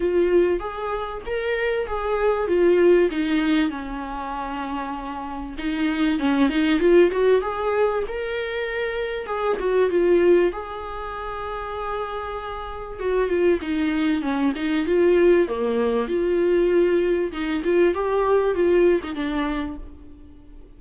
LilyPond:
\new Staff \with { instrumentName = "viola" } { \time 4/4 \tempo 4 = 97 f'4 gis'4 ais'4 gis'4 | f'4 dis'4 cis'2~ | cis'4 dis'4 cis'8 dis'8 f'8 fis'8 | gis'4 ais'2 gis'8 fis'8 |
f'4 gis'2.~ | gis'4 fis'8 f'8 dis'4 cis'8 dis'8 | f'4 ais4 f'2 | dis'8 f'8 g'4 f'8. dis'16 d'4 | }